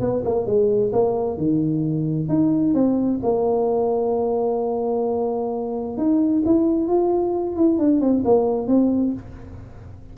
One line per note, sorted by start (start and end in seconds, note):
0.00 0.23 B3
0.24 0.46 A#3
0.46 0.92 G#3
0.92 1.37 A#3
1.37 2.29 D#3
2.29 2.74 D#4
2.74 3.20 C4
3.23 5.97 A#3
5.97 6.43 D#4
6.45 6.88 E4
6.88 7.56 F4
7.56 7.78 E4
7.78 8.00 D4
8.00 8.23 C4
8.24 8.67 A#3
8.67 9.13 C4